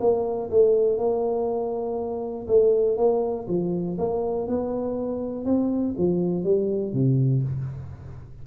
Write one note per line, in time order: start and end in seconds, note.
0.00 0.50 A#3
0.50 0.98 A3
0.98 2.46 A#3
2.47 2.96 A3
2.96 3.46 A#3
3.47 3.97 F3
3.98 4.47 A#3
4.47 5.45 B3
5.45 5.94 C4
5.97 6.43 F3
6.43 6.93 G3
6.93 7.42 C3